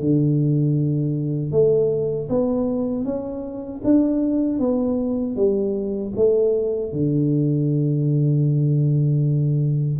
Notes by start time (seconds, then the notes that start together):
0.00 D3
1.51 A3
2.29 B3
3.04 C#4
3.84 D4
4.59 B3
5.36 G3
6.16 A3
6.92 D3